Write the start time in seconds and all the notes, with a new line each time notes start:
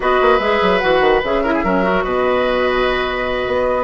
0.00 B3 F#4 B4 D#5
0.21 A#3
0.39 G#3 G#4 E5
0.61 F#3
0.79 E3 F#4 F#5
1.00 D#3
1.23 C#3 G#4 E5
1.43 E4 A#4
1.54 G#4
1.63 F#3 C#4 A#4
1.82 F#4
2.03 B2 B4 D#5
3.47 B3